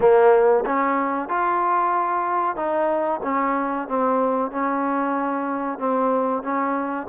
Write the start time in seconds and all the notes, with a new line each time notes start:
0.00 A#3
0.65 C#4
1.28 F4
2.55 D#4
3.23 C#4
3.88 C4
4.51 C#4
5.79 C4
6.42 C#4